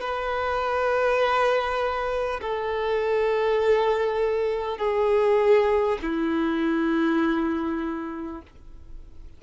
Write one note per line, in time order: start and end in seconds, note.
0.00 2.40 B4
2.41 4.77 A4
4.77 5.97 G#4
6.02 8.42 E4